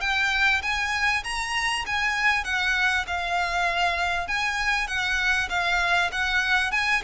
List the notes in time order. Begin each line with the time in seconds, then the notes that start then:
0.00 G5
0.62 G#5
1.23 A#5
1.86 G#5
2.44 F#5
3.06 F5
4.27 G#5
4.87 F#5
5.49 F5
6.11 F#5
6.71 G#5